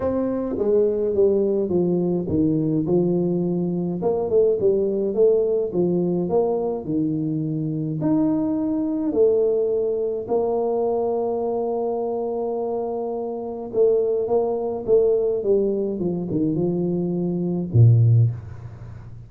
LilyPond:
\new Staff \with { instrumentName = "tuba" } { \time 4/4 \tempo 4 = 105 c'4 gis4 g4 f4 | dis4 f2 ais8 a8 | g4 a4 f4 ais4 | dis2 dis'2 |
a2 ais2~ | ais1 | a4 ais4 a4 g4 | f8 dis8 f2 ais,4 | }